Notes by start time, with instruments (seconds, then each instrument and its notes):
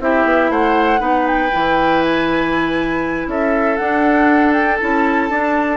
0.00 bassoon C4, clarinet E4, oboe G4, flute E5
0.24 bassoon B3
0.50 bassoon A3, oboe C5, flute F#5
0.98 bassoon B3, clarinet D#4, oboe B4
1.27 flute G5
1.52 bassoon E3, clarinet E4
2.02 flute G#5
3.27 bassoon C#4, oboe A4, flute E5
3.76 clarinet D4, bassoon D4, flute F#5
4.52 flute G5
4.79 bassoon C#4, clarinet E4, flute A5
5.29 bassoon D4, clarinet D4